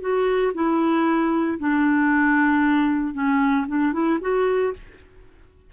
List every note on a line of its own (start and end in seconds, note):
0.00 0.52 F#4
0.54 1.58 E4
1.58 3.14 D4
3.14 3.66 C#4
3.67 3.92 D4
3.92 4.19 E4
4.21 4.73 F#4